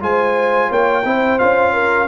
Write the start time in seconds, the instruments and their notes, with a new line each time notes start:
0.00 tuba G#3, trombone F4, horn C5, trumpet G#5
0.69 tuba A#3, horn C#5, trumpet G5
1.05 tuba C4, trombone E4, horn C5
1.39 tuba C#4, trombone F4, trumpet F5
1.74 horn A#4